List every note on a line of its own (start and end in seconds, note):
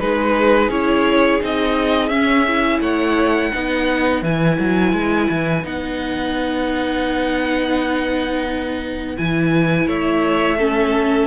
0.00 0.69 G#3
0.00 0.71 D#4
0.00 2.83 G#4
0.00 0.71 B4
0.69 1.40 C#4
0.69 1.40 E4
0.69 1.42 C#5
1.40 2.10 C4
1.40 2.10 D#4
1.40 2.09 D#5
2.09 2.80 C#4
2.09 2.45 C#4
2.09 2.80 E5
2.48 3.53 E4
2.80 3.51 A3
2.80 3.53 C#5
2.80 4.23 F#5
3.53 4.23 B3
3.53 4.24 D#4
3.53 9.88 B4
4.23 4.58 E3
4.23 5.64 E4
4.23 5.66 G#5
4.60 4.93 F#3
4.93 5.29 G#3
5.30 5.65 E3
5.64 9.17 B3
5.64 9.17 D#4
5.64 9.18 F#5
9.17 9.87 E3
9.17 10.58 E4
9.17 9.88 G#5
9.87 11.28 A3
9.87 10.58 C#5
9.87 11.28 E5
10.59 11.28 C#4
10.59 11.28 A4